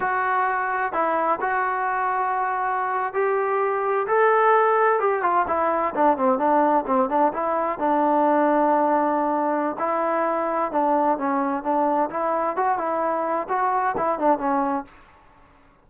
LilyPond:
\new Staff \with { instrumentName = "trombone" } { \time 4/4 \tempo 4 = 129 fis'2 e'4 fis'4~ | fis'2~ fis'8. g'4~ g'16~ | g'8. a'2 g'8 f'8 e'16~ | e'8. d'8 c'8 d'4 c'8 d'8 e'16~ |
e'8. d'2.~ d'16~ | d'4 e'2 d'4 | cis'4 d'4 e'4 fis'8 e'8~ | e'4 fis'4 e'8 d'8 cis'4 | }